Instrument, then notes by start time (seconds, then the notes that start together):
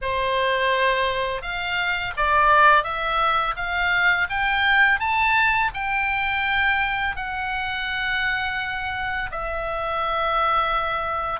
oboe
0.01 C5
1.42 F5
2.16 D5
2.83 E5
3.56 F5
4.29 G5
4.99 A5
5.74 G5
7.16 F#5
9.31 E5